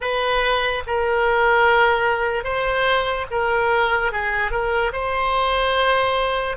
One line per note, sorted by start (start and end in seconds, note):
0.00 0.83 B4
0.86 2.44 A#4
2.44 3.26 C5
3.30 4.11 A#4
4.11 4.51 G#4
4.51 4.92 A#4
4.92 6.56 C5